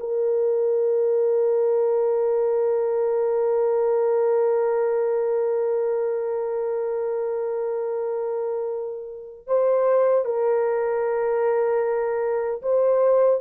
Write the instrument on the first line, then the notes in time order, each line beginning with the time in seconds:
horn
0.00 A#4
9.47 C5
10.26 A#4
12.62 C5